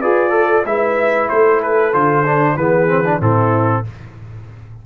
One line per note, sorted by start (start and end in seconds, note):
0.00 0.65 F4
0.00 0.30 G#4
0.00 0.32 B4
0.00 0.65 D5
0.30 0.62 A4
0.30 0.67 A4
0.65 1.28 G#3
0.65 1.92 E4
0.65 1.31 B4
0.65 1.29 E5
1.29 1.94 A3
1.29 2.58 A4
1.29 1.61 C5
1.62 1.93 B4
1.92 2.56 D3
1.92 2.24 F4
1.92 2.57 C5
2.25 2.57 D4
2.56 3.19 E3
2.56 2.87 B3
2.56 3.21 G#4
2.56 3.20 B4
2.87 3.03 C4
3.05 3.20 D4
3.20 3.84 A2
3.20 3.84 C4
3.20 3.85 E4
3.20 3.86 A4